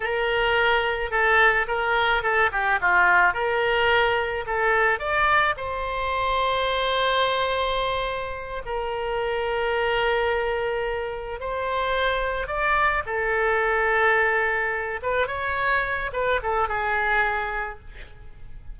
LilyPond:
\new Staff \with { instrumentName = "oboe" } { \time 4/4 \tempo 4 = 108 ais'2 a'4 ais'4 | a'8 g'8 f'4 ais'2 | a'4 d''4 c''2~ | c''2.~ c''8 ais'8~ |
ais'1~ | ais'8 c''2 d''4 a'8~ | a'2. b'8 cis''8~ | cis''4 b'8 a'8 gis'2 | }